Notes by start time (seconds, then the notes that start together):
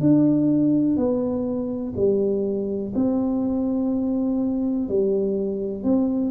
0.00 D4
0.97 B3
1.96 G3
2.95 C4
4.88 G3
5.83 C4